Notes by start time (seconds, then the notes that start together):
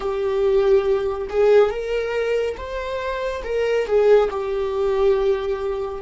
0.00 G4
1.29 G#4
1.70 A#4
2.57 C5
3.43 A#4
3.86 G#4
4.30 G4